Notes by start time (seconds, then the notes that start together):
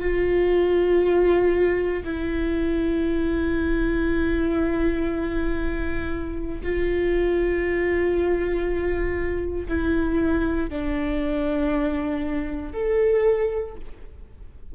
0.00 F4
2.04 E4
6.62 F4
9.68 E4
10.69 D4
12.73 A4